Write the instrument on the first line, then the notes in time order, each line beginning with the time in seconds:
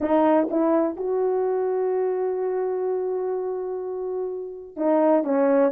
horn
0.01 D#4
0.50 E4
0.96 F#4
4.76 D#4
5.24 C#4